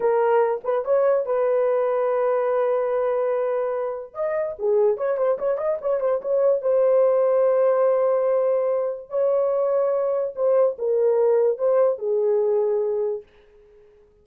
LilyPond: \new Staff \with { instrumentName = "horn" } { \time 4/4 \tempo 4 = 145 ais'4. b'8 cis''4 b'4~ | b'1~ | b'2 dis''4 gis'4 | cis''8 c''8 cis''8 dis''8 cis''8 c''8 cis''4 |
c''1~ | c''2 cis''2~ | cis''4 c''4 ais'2 | c''4 gis'2. | }